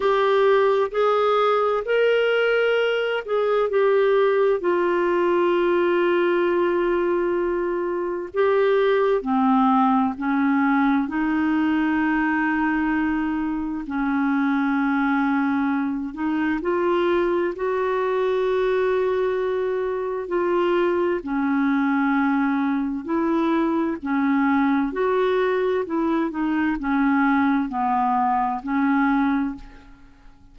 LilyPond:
\new Staff \with { instrumentName = "clarinet" } { \time 4/4 \tempo 4 = 65 g'4 gis'4 ais'4. gis'8 | g'4 f'2.~ | f'4 g'4 c'4 cis'4 | dis'2. cis'4~ |
cis'4. dis'8 f'4 fis'4~ | fis'2 f'4 cis'4~ | cis'4 e'4 cis'4 fis'4 | e'8 dis'8 cis'4 b4 cis'4 | }